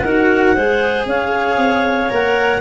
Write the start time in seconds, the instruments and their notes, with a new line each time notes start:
0.00 tuba D#4, cello F#4, clarinet A#4 F#5
0.55 tuba G#3, cello G#4, clarinet C5
1.06 tuba C#4, clarinet C#5 F5
1.58 tuba C4
2.10 tuba A#3, cello A#4, clarinet F#5